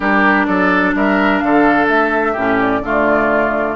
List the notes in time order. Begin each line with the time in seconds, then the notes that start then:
0.00 G3 D4 G4 A#4
0.45 F#3 A4 D5
0.94 G3 A#4 E5
1.39 D3 A4 F5
1.88 A3 E5
2.32 A2 C#4 G4
2.60 D5
2.81 D3 A3 F4